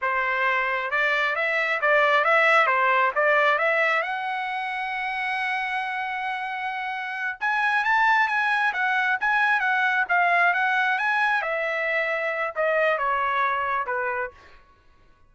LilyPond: \new Staff \with { instrumentName = "trumpet" } { \time 4/4 \tempo 4 = 134 c''2 d''4 e''4 | d''4 e''4 c''4 d''4 | e''4 fis''2.~ | fis''1~ |
fis''8 gis''4 a''4 gis''4 fis''8~ | fis''8 gis''4 fis''4 f''4 fis''8~ | fis''8 gis''4 e''2~ e''8 | dis''4 cis''2 b'4 | }